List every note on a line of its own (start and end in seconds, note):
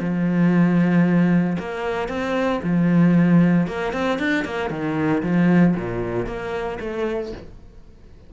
0.00 1.57 F3
1.59 2.08 A#3
2.08 2.60 C4
2.63 3.67 F3
3.67 3.93 A#3
3.93 4.19 C4
4.19 4.45 D4
4.45 4.70 A#3
4.70 5.22 D#3
5.23 5.75 F3
5.75 6.26 A#2
6.26 6.78 A#3
6.80 7.32 A3